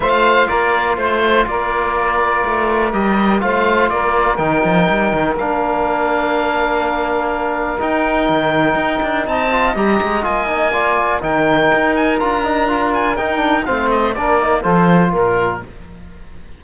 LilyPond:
<<
  \new Staff \with { instrumentName = "oboe" } { \time 4/4 \tempo 4 = 123 f''4 d''4 c''4 d''4~ | d''2 dis''4 f''4 | d''4 g''2 f''4~ | f''1 |
g''2. a''4 | ais''4 gis''2 g''4~ | g''8 gis''8 ais''4. gis''8 g''4 | f''8 dis''8 d''4 c''4 ais'4 | }
  \new Staff \with { instrumentName = "saxophone" } { \time 4/4 c''4 ais'4 c''4 ais'4~ | ais'2. c''4 | ais'1~ | ais'1~ |
ais'2. dis''4~ | dis''2 d''4 ais'4~ | ais'1 | c''4 ais'4 a'4 ais'4 | }
  \new Staff \with { instrumentName = "trombone" } { \time 4/4 f'1~ | f'2 g'4 f'4~ | f'4 dis'2 d'4~ | d'1 |
dis'2.~ dis'8 f'8 | g'4 f'8 dis'8 f'4 dis'4~ | dis'4 f'8 dis'8 f'4 dis'8 d'8 | c'4 d'8 dis'8 f'2 | }
  \new Staff \with { instrumentName = "cello" } { \time 4/4 a4 ais4 a4 ais4~ | ais4 a4 g4 a4 | ais4 dis8 f8 g8 dis8 ais4~ | ais1 |
dis'4 dis4 dis'8 d'8 c'4 | g8 gis8 ais2 dis4 | dis'4 d'2 dis'4 | a4 ais4 f4 ais,4 | }
>>